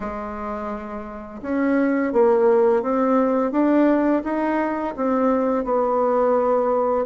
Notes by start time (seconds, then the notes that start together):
0.00 G#3
1.42 C#4
2.12 A#3
2.82 C4
3.51 D4
4.24 D#4
4.96 C4
5.64 B3